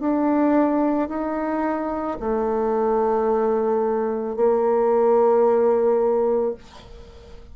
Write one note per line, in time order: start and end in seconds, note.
0.00 1.09 D4
1.09 2.18 D#4
2.20 4.36 A3
4.36 6.55 A#3